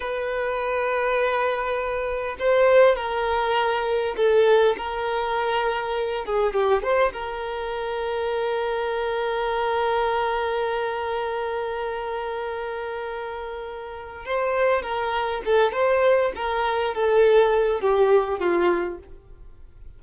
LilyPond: \new Staff \with { instrumentName = "violin" } { \time 4/4 \tempo 4 = 101 b'1 | c''4 ais'2 a'4 | ais'2~ ais'8 gis'8 g'8 c''8 | ais'1~ |
ais'1~ | ais'1 | c''4 ais'4 a'8 c''4 ais'8~ | ais'8 a'4. g'4 f'4 | }